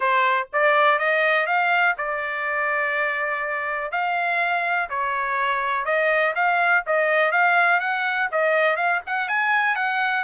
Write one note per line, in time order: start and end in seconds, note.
0.00 0.47 C5
0.52 0.98 D5
0.98 1.46 D#5
1.46 1.95 F5
1.97 3.91 D5
3.91 4.89 F5
4.89 5.85 C#5
5.85 6.34 D#5
6.35 6.84 F5
6.86 7.31 D#5
7.31 7.80 F5
7.80 8.29 F#5
8.31 8.76 D#5
8.76 9.00 F5
9.06 9.28 F#5
9.28 9.75 G#5
9.75 10.24 F#5